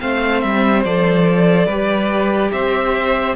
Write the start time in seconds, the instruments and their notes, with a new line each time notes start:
0.00 cello A3, viola C4, violin C5 F5
0.40 cello G3, violin E5
0.84 cello F3, viola A4, violin D5
1.66 cello G3, viola G4, violin B4
2.51 cello C4, violin C5 E5